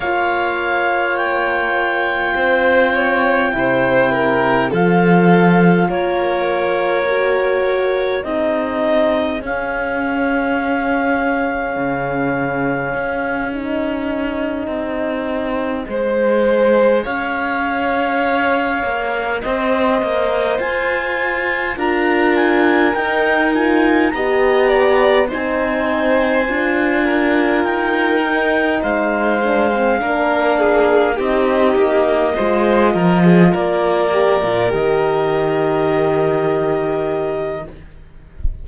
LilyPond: <<
  \new Staff \with { instrumentName = "clarinet" } { \time 4/4 \tempo 4 = 51 f''4 g''2. | f''4 cis''2 dis''4 | f''2.~ f''8 dis''8~ | dis''2~ dis''8 f''4.~ |
f''8 dis''4 gis''4 ais''8 gis''8 g''8 | gis''8 ais''4 gis''2 g''8~ | g''8 f''2 dis''4.~ | dis''8 d''4 dis''2~ dis''8 | }
  \new Staff \with { instrumentName = "violin" } { \time 4/4 cis''2 c''8 cis''8 c''8 ais'8 | a'4 ais'2 gis'4~ | gis'1~ | gis'4. c''4 cis''4.~ |
cis''8 c''2 ais'4.~ | ais'8 dis''8 d''8 c''4. ais'4~ | ais'8 c''4 ais'8 gis'8 g'4 c''8 | ais'16 gis'16 ais'2.~ ais'8 | }
  \new Staff \with { instrumentName = "horn" } { \time 4/4 f'2. e'4 | f'2 fis'4 dis'4 | cis'2.~ cis'8 dis'8~ | dis'4. gis'2~ gis'8~ |
gis'2~ gis'8 f'4 dis'8 | f'8 g'4 dis'4 f'4. | dis'4 d'16 c'16 d'4 dis'4 f'8~ | f'4 g'16 f'16 g'2~ g'8 | }
  \new Staff \with { instrumentName = "cello" } { \time 4/4 ais2 c'4 c4 | f4 ais2 c'4 | cis'2 cis4 cis'4~ | cis'8 c'4 gis4 cis'4. |
ais8 c'8 ais8 f'4 d'4 dis'8~ | dis'8 b4 c'4 d'4 dis'8~ | dis'8 gis4 ais4 c'8 ais8 gis8 | f8 ais8. ais,16 dis2~ dis8 | }
>>